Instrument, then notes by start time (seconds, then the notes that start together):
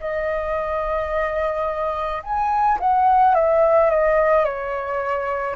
flute
0.00 D#5
2.23 G#5
2.79 F#5
3.34 E5
3.90 D#5
4.44 C#5